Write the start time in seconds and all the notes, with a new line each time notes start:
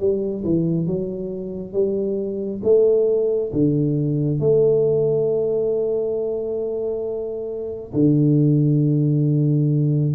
0.00 G3
0.45 E3
0.87 F#3
1.73 G3
2.64 A3
3.53 D3
4.40 A3
7.94 D3